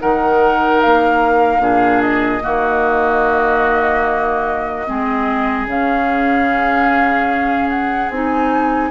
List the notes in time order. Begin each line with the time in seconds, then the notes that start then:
0.00 D#3 D#4 A#4 F#5
0.81 A#3 F5
1.59 A#2 D4 G#4
2.02 D#5
2.42 D#3 A#3 F#4
4.87 G#3 C4 G#4
5.66 C#3 C#4 F5
7.70 F#5
8.09 C4 D#4 G#5